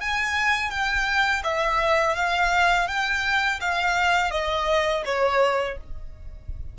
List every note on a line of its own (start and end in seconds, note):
0.00 0.70 G#5
0.70 1.42 G5
1.43 2.16 E5
2.16 2.88 F5
2.88 3.60 G5
3.60 4.31 F5
4.31 5.03 D#5
5.05 5.77 C#5